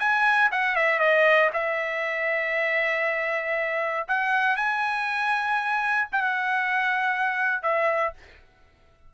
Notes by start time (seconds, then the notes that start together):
0.00 G#5
0.52 F#5
0.76 E5
1.00 D#5
1.53 E5
4.08 F#5
4.57 G#5
6.12 F#5
7.63 E5